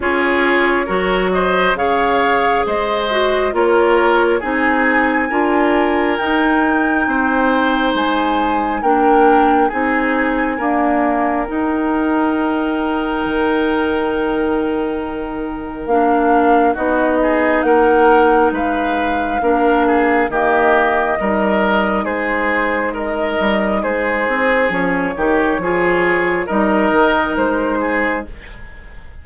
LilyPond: <<
  \new Staff \with { instrumentName = "flute" } { \time 4/4 \tempo 4 = 68 cis''4. dis''8 f''4 dis''4 | cis''4 gis''2 g''4~ | g''4 gis''4 g''4 gis''4~ | gis''4 g''2.~ |
g''2 f''4 dis''4 | fis''4 f''2 dis''4~ | dis''4 c''4 dis''4 c''4 | cis''2 dis''4 c''4 | }
  \new Staff \with { instrumentName = "oboe" } { \time 4/4 gis'4 ais'8 c''8 cis''4 c''4 | ais'4 gis'4 ais'2 | c''2 ais'4 gis'4 | ais'1~ |
ais'2. fis'8 gis'8 | ais'4 b'4 ais'8 gis'8 g'4 | ais'4 gis'4 ais'4 gis'4~ | gis'8 g'8 gis'4 ais'4. gis'8 | }
  \new Staff \with { instrumentName = "clarinet" } { \time 4/4 f'4 fis'4 gis'4. fis'8 | f'4 dis'4 f'4 dis'4~ | dis'2 d'4 dis'4 | ais4 dis'2.~ |
dis'2 d'4 dis'4~ | dis'2 d'4 ais4 | dis'1 | cis'8 dis'8 f'4 dis'2 | }
  \new Staff \with { instrumentName = "bassoon" } { \time 4/4 cis'4 fis4 cis4 gis4 | ais4 c'4 d'4 dis'4 | c'4 gis4 ais4 c'4 | d'4 dis'2 dis4~ |
dis2 ais4 b4 | ais4 gis4 ais4 dis4 | g4 gis4. g8 gis8 c'8 | f8 dis8 f4 g8 dis8 gis4 | }
>>